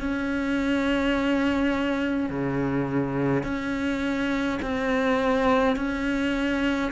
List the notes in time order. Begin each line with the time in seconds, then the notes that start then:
0.00 C#4
2.30 C#3
3.43 C#4
4.62 C4
5.76 C#4